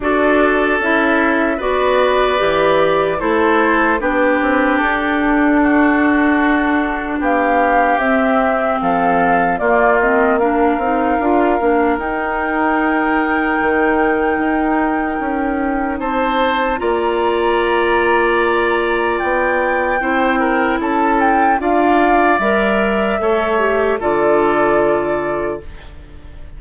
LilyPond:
<<
  \new Staff \with { instrumentName = "flute" } { \time 4/4 \tempo 4 = 75 d''4 e''4 d''2 | c''4 b'4 a'2~ | a'4 f''4 e''4 f''4 | d''8 dis''8 f''2 g''4~ |
g''1 | a''4 ais''2. | g''2 a''8 g''8 f''4 | e''2 d''2 | }
  \new Staff \with { instrumentName = "oboe" } { \time 4/4 a'2 b'2 | a'4 g'2 fis'4~ | fis'4 g'2 a'4 | f'4 ais'2.~ |
ais'1 | c''4 d''2.~ | d''4 c''8 ais'8 a'4 d''4~ | d''4 cis''4 a'2 | }
  \new Staff \with { instrumentName = "clarinet" } { \time 4/4 fis'4 e'4 fis'4 g'4 | e'4 d'2.~ | d'2 c'2 | ais8 c'8 d'8 dis'8 f'8 d'8 dis'4~ |
dis'1~ | dis'4 f'2.~ | f'4 e'2 f'4 | ais'4 a'8 g'8 f'2 | }
  \new Staff \with { instrumentName = "bassoon" } { \time 4/4 d'4 cis'4 b4 e4 | a4 b8 c'8 d'2~ | d'4 b4 c'4 f4 | ais4. c'8 d'8 ais8 dis'4~ |
dis'4 dis4 dis'4 cis'4 | c'4 ais2. | b4 c'4 cis'4 d'4 | g4 a4 d2 | }
>>